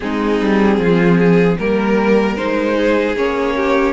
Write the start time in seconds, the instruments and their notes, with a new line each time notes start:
0.00 cello G#3, viola C4, violin D#4 G#4
0.41 cello G3
0.78 cello F3, violin F4
1.18 violin G#4
1.58 cello G3, viola A#3, violin A#4
2.36 cello G#3, viola D#4, violin C5
2.76 violin G#4
3.15 cello A#3, viola C#4, violin C#5
3.56 violin G4